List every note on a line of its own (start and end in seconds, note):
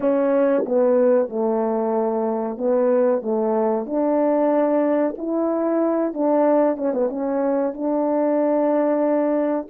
0.00 0.64 C#4
0.65 1.29 B3
1.29 2.57 A3
2.57 3.22 B3
3.22 3.86 A3
3.86 5.15 D4
5.17 6.13 E4
6.13 6.77 D4
6.77 6.93 C#4
6.93 7.09 B3
7.09 7.73 C#4
7.73 9.67 D4